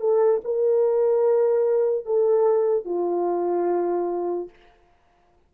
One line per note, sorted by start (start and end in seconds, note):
0.00 0.41 A4
0.44 2.05 A#4
2.05 2.85 A4
2.85 4.49 F4